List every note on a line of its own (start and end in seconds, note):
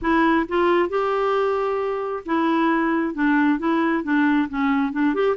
0.01 0.46 E4
0.48 0.89 F4
0.89 2.23 G4
2.25 3.14 E4
3.14 3.59 D4
3.59 4.03 E4
4.03 4.48 D4
4.49 4.92 C#4
4.92 5.14 D4
5.14 5.36 G4